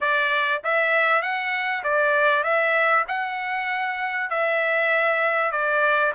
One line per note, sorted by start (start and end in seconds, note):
0.00 0.62 D5
0.63 1.22 E5
1.22 1.83 F#5
1.83 2.43 D5
2.43 3.04 E5
3.08 4.30 F#5
4.30 5.51 E5
5.51 6.12 D5